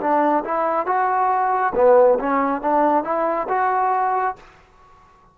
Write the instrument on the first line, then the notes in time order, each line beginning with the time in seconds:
trombone
0.00 D4
0.44 E4
0.86 F#4
1.75 B3
2.19 C#4
2.61 D4
3.04 E4
3.48 F#4